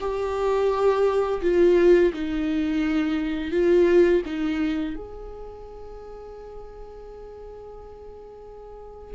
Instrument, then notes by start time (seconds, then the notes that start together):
viola
0.00 G4
1.42 F4
2.13 D#4
3.51 F4
4.25 D#4
4.95 G#4